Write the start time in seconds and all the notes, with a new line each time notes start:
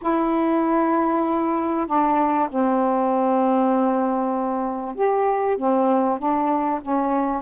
0.01 E4
1.86 D4
2.49 C4
4.95 G4
5.57 C4
6.18 D4
6.81 C#4